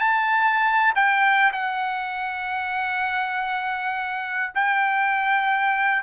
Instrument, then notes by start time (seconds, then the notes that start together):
trumpet
0.00 A5
0.96 G5
1.53 F#5
4.55 G5